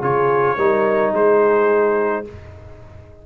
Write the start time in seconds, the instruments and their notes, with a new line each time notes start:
0.00 tuba C#3, trombone F4, horn G#4, trumpet C#5
0.57 tuba G3, trombone D#4, horn A#4
1.12 tuba G#3, horn G#4, trumpet C5